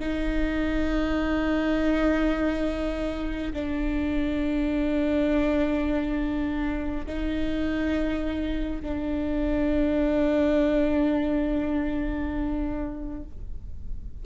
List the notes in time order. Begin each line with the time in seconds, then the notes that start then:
0.00 D#4
3.53 D4
7.07 D#4
8.82 D4